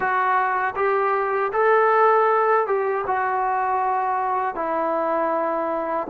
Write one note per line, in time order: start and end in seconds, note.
0.00 0.74 F#4
0.75 1.51 G4
1.53 2.66 A4
2.66 3.04 G4
3.06 4.55 F#4
4.55 6.07 E4